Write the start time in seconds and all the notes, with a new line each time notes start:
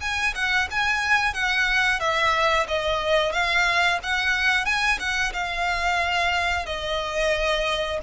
0.00 G#5
0.35 F#5
0.70 G#5
1.33 F#5
2.00 E5
2.67 D#5
3.32 F5
4.02 F#5
4.65 G#5
4.99 F#5
5.33 F5
6.65 D#5